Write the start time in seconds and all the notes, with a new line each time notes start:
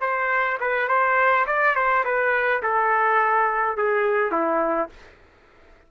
0.00 C5
0.60 B4
0.88 C5
1.46 D5
1.75 C5
2.04 B4
2.62 A4
3.77 G#4
4.31 E4